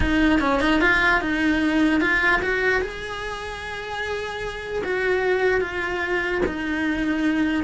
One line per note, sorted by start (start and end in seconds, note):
0.00 0.39 D#4
0.40 0.60 C#4
0.60 0.80 D#4
0.80 1.21 F4
1.21 2.00 D#4
2.00 2.41 F4
2.41 2.81 F#4
2.81 4.82 G#4
4.84 5.60 F#4
5.60 6.41 F4
6.46 7.64 D#4